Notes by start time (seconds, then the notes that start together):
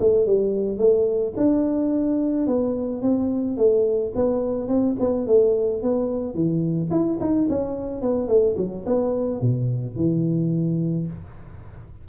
0.00 A3
0.26 G3
0.78 A3
1.37 D4
2.47 B3
3.02 C4
3.57 A3
4.15 B3
4.68 C4
5.00 B3
5.27 A3
5.83 B3
6.34 E3
6.91 E4
7.20 D#4
7.49 C#4
8.02 B3
8.28 A3
8.58 F#3
8.86 B3
9.41 B2
9.96 E3